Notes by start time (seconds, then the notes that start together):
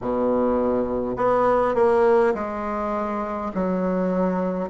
0.01 B2
1.16 B3
1.74 A#3
2.34 G#3
3.54 F#3